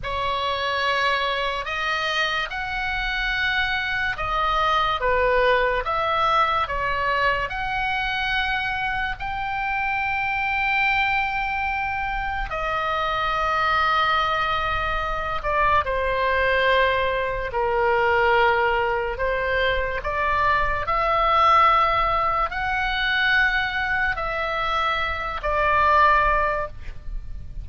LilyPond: \new Staff \with { instrumentName = "oboe" } { \time 4/4 \tempo 4 = 72 cis''2 dis''4 fis''4~ | fis''4 dis''4 b'4 e''4 | cis''4 fis''2 g''4~ | g''2. dis''4~ |
dis''2~ dis''8 d''8 c''4~ | c''4 ais'2 c''4 | d''4 e''2 fis''4~ | fis''4 e''4. d''4. | }